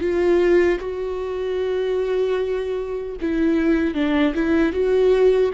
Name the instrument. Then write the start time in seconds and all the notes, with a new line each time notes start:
viola
0.00 F4
0.79 F#4
3.21 E4
3.94 D4
4.35 E4
4.73 F#4